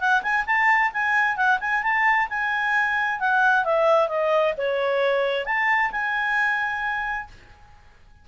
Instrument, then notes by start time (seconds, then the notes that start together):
clarinet
0.00 F#5
0.23 G#5
0.47 A5
0.93 G#5
1.37 F#5
1.61 G#5
1.83 A5
2.30 G#5
3.20 F#5
3.65 E5
4.09 D#5
4.58 C#5
5.46 A5
5.92 G#5